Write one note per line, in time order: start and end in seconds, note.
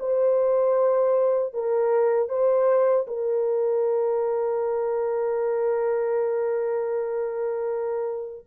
0.00 1.54 C5
1.54 2.29 A#4
2.29 3.06 C5
3.08 8.46 A#4